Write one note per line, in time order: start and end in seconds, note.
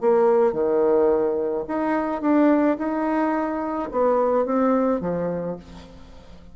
0.00 0.52 A#3
0.52 1.63 D#3
1.67 2.21 D#4
2.21 2.77 D4
2.78 3.89 D#4
3.91 4.45 B3
4.45 5.00 C4
5.00 5.56 F3